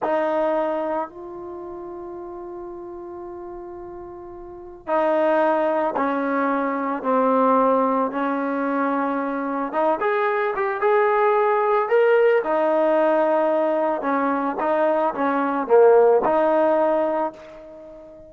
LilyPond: \new Staff \with { instrumentName = "trombone" } { \time 4/4 \tempo 4 = 111 dis'2 f'2~ | f'1~ | f'4 dis'2 cis'4~ | cis'4 c'2 cis'4~ |
cis'2 dis'8 gis'4 g'8 | gis'2 ais'4 dis'4~ | dis'2 cis'4 dis'4 | cis'4 ais4 dis'2 | }